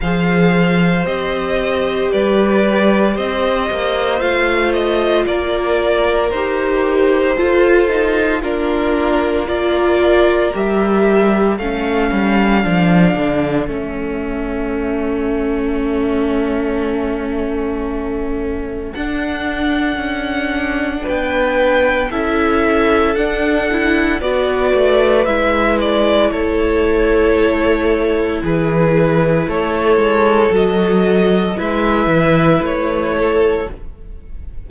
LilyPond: <<
  \new Staff \with { instrumentName = "violin" } { \time 4/4 \tempo 4 = 57 f''4 dis''4 d''4 dis''4 | f''8 dis''8 d''4 c''2 | ais'4 d''4 e''4 f''4~ | f''4 e''2.~ |
e''2 fis''2 | g''4 e''4 fis''4 d''4 | e''8 d''8 cis''2 b'4 | cis''4 dis''4 e''4 cis''4 | }
  \new Staff \with { instrumentName = "violin" } { \time 4/4 c''2 b'4 c''4~ | c''4 ais'2 a'4 | f'4 ais'2 a'4~ | a'1~ |
a'1 | b'4 a'2 b'4~ | b'4 a'2 gis'4 | a'2 b'4. a'8 | }
  \new Staff \with { instrumentName = "viola" } { \time 4/4 gis'4 g'2. | f'2 g'4 f'8 dis'8 | d'4 f'4 g'4 cis'4 | d'4 cis'2.~ |
cis'2 d'2~ | d'4 e'4 d'8 e'8 fis'4 | e'1~ | e'4 fis'4 e'2 | }
  \new Staff \with { instrumentName = "cello" } { \time 4/4 f4 c'4 g4 c'8 ais8 | a4 ais4 dis'4 f'4 | ais2 g4 a8 g8 | f8 d8 a2.~ |
a2 d'4 cis'4 | b4 cis'4 d'4 b8 a8 | gis4 a2 e4 | a8 gis8 fis4 gis8 e8 a4 | }
>>